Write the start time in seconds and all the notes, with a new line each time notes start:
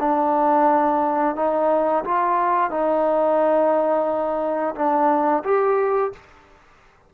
0.00 D4
1.36 D#4
2.05 F4
2.71 D#4
4.75 D4
5.44 G4